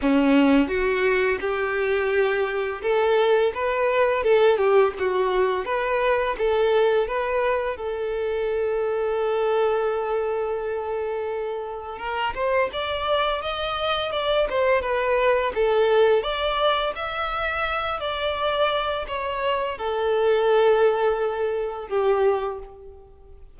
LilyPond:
\new Staff \with { instrumentName = "violin" } { \time 4/4 \tempo 4 = 85 cis'4 fis'4 g'2 | a'4 b'4 a'8 g'8 fis'4 | b'4 a'4 b'4 a'4~ | a'1~ |
a'4 ais'8 c''8 d''4 dis''4 | d''8 c''8 b'4 a'4 d''4 | e''4. d''4. cis''4 | a'2. g'4 | }